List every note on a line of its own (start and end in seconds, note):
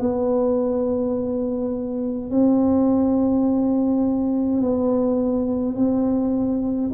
0.00 2.31 B3
2.31 4.62 C4
4.62 5.75 B3
5.75 6.91 C4